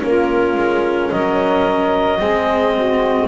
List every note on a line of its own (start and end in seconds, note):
0.00 0.56 A#3
0.00 2.18 C#4
0.00 1.12 F4
0.00 1.11 A#4
0.56 1.10 G#3
1.11 2.21 F#3
1.11 2.19 A#4
1.11 3.28 D#5
2.19 3.28 G#3
2.19 3.28 C4
2.19 2.74 G#4
2.75 3.28 F#4